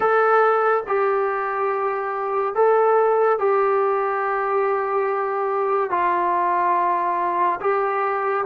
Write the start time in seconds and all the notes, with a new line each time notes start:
0.00 A4
0.87 G4
2.54 A4
3.38 G4
5.90 F4
7.60 G4